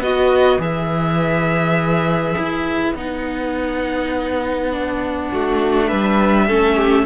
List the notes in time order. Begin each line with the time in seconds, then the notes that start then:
0.00 B3 F#4 B4 D#5
0.59 E3 G#4 E5
2.38 E4
2.95 B3 D#4 F#5
4.72 D4
5.32 A3 F#4
5.88 G3 B4 E5
6.47 A3 C#4 A4
6.76 G4